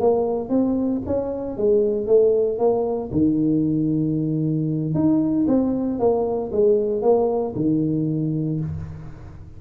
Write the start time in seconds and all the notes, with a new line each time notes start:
0.00 A#3
0.49 C4
1.06 C#4
1.57 G#3
2.07 A3
2.58 A#3
3.12 D#3
4.94 D#4
5.48 C4
5.99 A#3
6.52 G#3
7.02 A#3
7.56 D#3